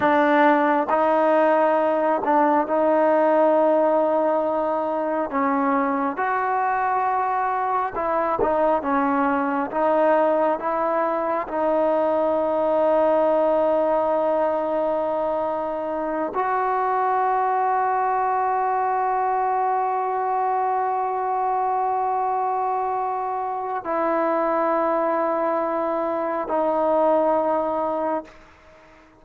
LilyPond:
\new Staff \with { instrumentName = "trombone" } { \time 4/4 \tempo 4 = 68 d'4 dis'4. d'8 dis'4~ | dis'2 cis'4 fis'4~ | fis'4 e'8 dis'8 cis'4 dis'4 | e'4 dis'2.~ |
dis'2~ dis'8 fis'4.~ | fis'1~ | fis'2. e'4~ | e'2 dis'2 | }